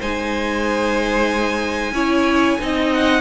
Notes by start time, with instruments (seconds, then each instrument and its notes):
0.00 cello G#3, viola D#4, violin C5 G#5
1.92 cello C#4, viola E4, violin C#5
2.60 cello C4, viola D#4, violin D#5
2.94 violin F#5